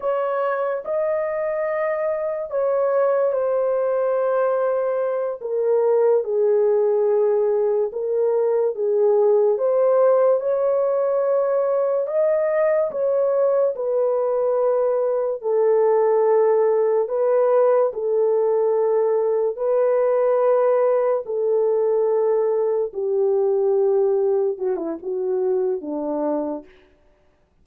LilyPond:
\new Staff \with { instrumentName = "horn" } { \time 4/4 \tempo 4 = 72 cis''4 dis''2 cis''4 | c''2~ c''8 ais'4 gis'8~ | gis'4. ais'4 gis'4 c''8~ | c''8 cis''2 dis''4 cis''8~ |
cis''8 b'2 a'4.~ | a'8 b'4 a'2 b'8~ | b'4. a'2 g'8~ | g'4. fis'16 e'16 fis'4 d'4 | }